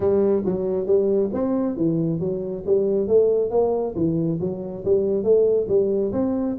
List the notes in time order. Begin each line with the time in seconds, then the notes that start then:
0.00 G3
0.45 F#3
0.86 G3
1.33 C4
1.76 E3
2.19 F#3
2.65 G3
3.07 A3
3.50 A#3
3.95 E3
4.40 F#3
4.85 G3
5.23 A3
5.68 G3
6.12 C4